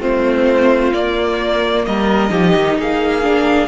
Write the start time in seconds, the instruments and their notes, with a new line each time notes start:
0.00 cello A3, viola C4, violin F4 C5
0.93 cello A#3, viola A#3, violin D5
1.86 cello G3, violin A#4 D#5
2.30 cello F3, viola D#4, violin G4
2.56 cello D#3
2.78 cello A#3, violin G#4 F5
3.23 viola D4